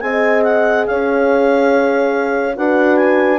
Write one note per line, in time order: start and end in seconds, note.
0.00 0.86 C4
0.00 2.54 G#4
0.00 0.88 D#5
0.00 0.42 G#5
0.43 0.85 F#5
0.86 2.57 C#4
0.86 2.57 C#5
0.86 2.55 F5
2.55 3.39 D4
2.55 3.39 F#4
2.55 3.39 B4
2.55 2.96 F#5
2.96 3.38 G#5